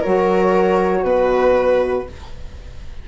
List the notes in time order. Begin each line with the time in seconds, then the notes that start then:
0.00 F#3 F#4 A#4 C#5
1.02 B2 B4